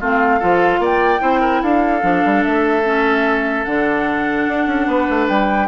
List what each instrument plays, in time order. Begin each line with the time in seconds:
0.00 bassoon A3, clarinet C4, oboe F4, flute F5
0.40 bassoon F3, clarinet F4, oboe A4
0.79 bassoon A#3, oboe D5, flute G5
1.20 bassoon C4, clarinet E4, oboe C5
1.41 oboe A#4
1.63 bassoon D4, oboe A4, flute F5
2.02 bassoon F3, clarinet D4
2.25 bassoon G3
2.43 bassoon A3, flute E5
2.84 clarinet C#4
3.65 bassoon D3, clarinet D4, flute F#5
4.48 bassoon D4
4.67 bassoon C#4
4.87 bassoon B3, oboe B4
5.10 bassoon A3
5.28 bassoon G3, flute G5